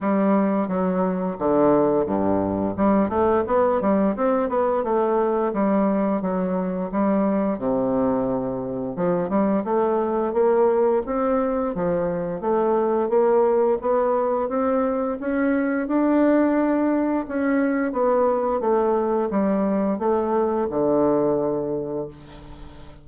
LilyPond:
\new Staff \with { instrumentName = "bassoon" } { \time 4/4 \tempo 4 = 87 g4 fis4 d4 g,4 | g8 a8 b8 g8 c'8 b8 a4 | g4 fis4 g4 c4~ | c4 f8 g8 a4 ais4 |
c'4 f4 a4 ais4 | b4 c'4 cis'4 d'4~ | d'4 cis'4 b4 a4 | g4 a4 d2 | }